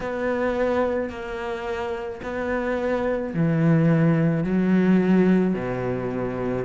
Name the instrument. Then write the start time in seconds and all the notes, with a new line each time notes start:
cello
0.00 B3
1.09 A#3
2.22 B3
3.34 E3
4.44 F#3
5.54 B2